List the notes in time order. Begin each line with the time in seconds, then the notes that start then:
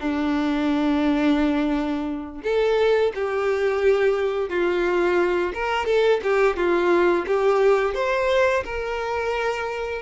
0.00 D4
2.44 A4
3.15 G4
4.49 F4
5.54 A#4
5.86 A4
6.23 G4
6.57 F4
7.27 G4
7.95 C5
8.65 A#4